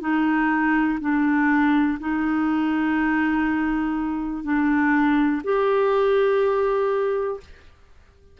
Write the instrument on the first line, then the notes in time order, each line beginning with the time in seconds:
clarinet
0.00 D#4
1.00 D4
1.99 D#4
4.44 D4
5.43 G4